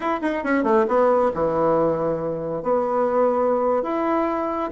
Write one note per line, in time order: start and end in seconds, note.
0.00 0.20 E4
0.21 0.43 D#4
0.43 0.63 C#4
0.63 0.85 A3
0.87 1.31 B3
1.34 2.63 E3
2.63 3.82 B3
3.82 4.70 E4